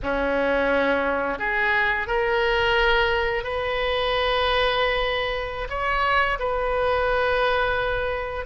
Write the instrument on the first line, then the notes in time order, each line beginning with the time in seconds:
oboe
0.03 C#4
1.38 G#4
2.07 A#4
3.43 B4
5.69 C#5
6.39 B4